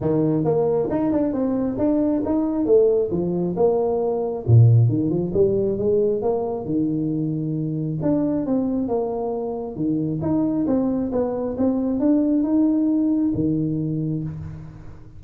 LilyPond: \new Staff \with { instrumentName = "tuba" } { \time 4/4 \tempo 4 = 135 dis4 ais4 dis'8 d'8 c'4 | d'4 dis'4 a4 f4 | ais2 ais,4 dis8 f8 | g4 gis4 ais4 dis4~ |
dis2 d'4 c'4 | ais2 dis4 dis'4 | c'4 b4 c'4 d'4 | dis'2 dis2 | }